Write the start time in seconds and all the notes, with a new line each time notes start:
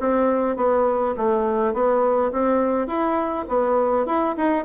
0.00 C4
0.57 B3
1.17 A3
1.73 B3
2.32 C4
2.87 E4
3.48 B3
4.06 E4
4.37 D#4